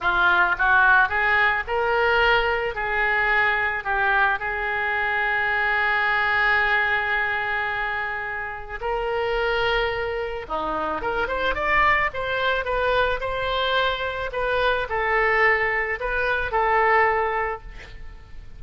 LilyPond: \new Staff \with { instrumentName = "oboe" } { \time 4/4 \tempo 4 = 109 f'4 fis'4 gis'4 ais'4~ | ais'4 gis'2 g'4 | gis'1~ | gis'1 |
ais'2. dis'4 | ais'8 c''8 d''4 c''4 b'4 | c''2 b'4 a'4~ | a'4 b'4 a'2 | }